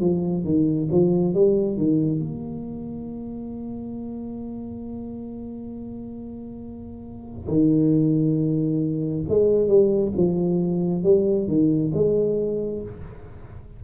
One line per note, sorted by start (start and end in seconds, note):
0.00 0.44 F3
0.44 0.88 D#3
0.91 1.34 F3
1.34 1.77 G3
1.77 2.19 D#3
2.19 7.47 A#3
7.47 9.24 D#3
9.28 9.67 G#3
9.67 10.11 G3
10.16 11.03 F3
11.03 11.47 G3
11.47 11.92 D#3
11.94 12.82 G#3